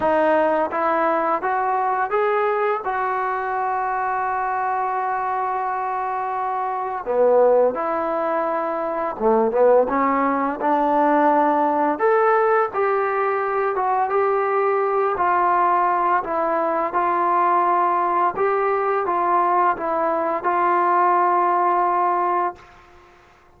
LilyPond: \new Staff \with { instrumentName = "trombone" } { \time 4/4 \tempo 4 = 85 dis'4 e'4 fis'4 gis'4 | fis'1~ | fis'2 b4 e'4~ | e'4 a8 b8 cis'4 d'4~ |
d'4 a'4 g'4. fis'8 | g'4. f'4. e'4 | f'2 g'4 f'4 | e'4 f'2. | }